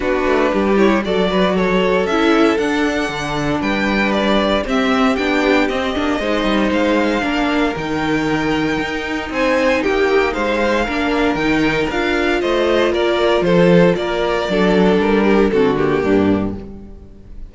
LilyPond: <<
  \new Staff \with { instrumentName = "violin" } { \time 4/4 \tempo 4 = 116 b'4. cis''8 d''4 cis''4 | e''4 fis''2 g''4 | d''4 e''4 g''4 dis''4~ | dis''4 f''2 g''4~ |
g''2 gis''4 g''4 | f''2 g''4 f''4 | dis''4 d''4 c''4 d''4~ | d''4 ais'4 a'8 g'4. | }
  \new Staff \with { instrumentName = "violin" } { \time 4/4 fis'4 g'4 a'8 b'8 a'4~ | a'2. b'4~ | b'4 g'2. | c''2 ais'2~ |
ais'2 c''4 g'4 | c''4 ais'2. | c''4 ais'4 a'4 ais'4 | a'4. g'8 fis'4 d'4 | }
  \new Staff \with { instrumentName = "viola" } { \time 4/4 d'4. e'8 fis'2 | e'4 d'2.~ | d'4 c'4 d'4 c'8 d'8 | dis'2 d'4 dis'4~ |
dis'1~ | dis'4 d'4 dis'4 f'4~ | f'1 | d'2 c'8 ais4. | }
  \new Staff \with { instrumentName = "cello" } { \time 4/4 b8 a8 g4 fis2 | cis'4 d'4 d4 g4~ | g4 c'4 b4 c'8 ais8 | gis8 g8 gis4 ais4 dis4~ |
dis4 dis'4 c'4 ais4 | gis4 ais4 dis4 d'4 | a4 ais4 f4 ais4 | fis4 g4 d4 g,4 | }
>>